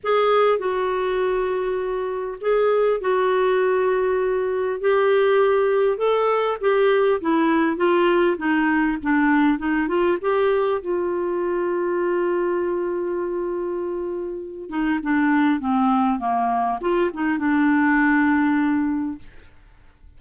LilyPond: \new Staff \with { instrumentName = "clarinet" } { \time 4/4 \tempo 4 = 100 gis'4 fis'2. | gis'4 fis'2. | g'2 a'4 g'4 | e'4 f'4 dis'4 d'4 |
dis'8 f'8 g'4 f'2~ | f'1~ | f'8 dis'8 d'4 c'4 ais4 | f'8 dis'8 d'2. | }